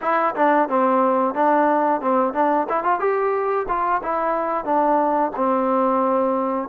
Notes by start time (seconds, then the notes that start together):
0.01 E4
0.35 D4
0.68 C4
1.34 D4
2.01 C4
2.33 D4
2.68 E4
2.83 F4
2.99 G4
3.68 F4
4.02 E4
4.65 D4
5.35 C4